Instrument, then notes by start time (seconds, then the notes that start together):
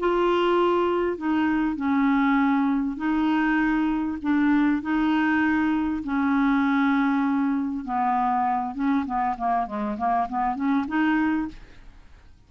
clarinet
0.00 F4
1.18 D#4
1.76 C#4
2.97 D#4
4.23 D4
4.82 D#4
6.04 C#4
7.85 B3
8.75 C#4
9.06 B3
9.38 A#3
9.67 G#3
9.98 A#3
10.29 B3
10.56 C#4
10.88 D#4